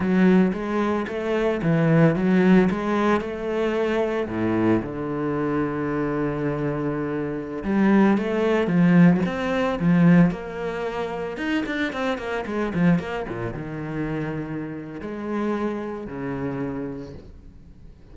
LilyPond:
\new Staff \with { instrumentName = "cello" } { \time 4/4 \tempo 4 = 112 fis4 gis4 a4 e4 | fis4 gis4 a2 | a,4 d2.~ | d2~ d16 g4 a8.~ |
a16 f4 c'4 f4 ais8.~ | ais4~ ais16 dis'8 d'8 c'8 ais8 gis8 f16~ | f16 ais8 ais,8 dis2~ dis8. | gis2 cis2 | }